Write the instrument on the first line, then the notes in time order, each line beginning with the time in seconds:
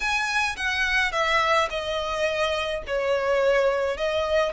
violin
0.00 G#5
0.56 F#5
1.12 E5
1.70 D#5
2.86 C#5
3.97 D#5